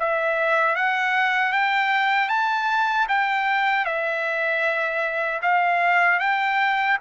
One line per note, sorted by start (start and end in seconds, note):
0.00 0.76 E5
0.76 1.53 F#5
1.53 2.29 G5
2.29 3.07 A5
3.09 3.85 G5
3.85 5.41 E5
5.42 6.20 F5
6.20 6.98 G5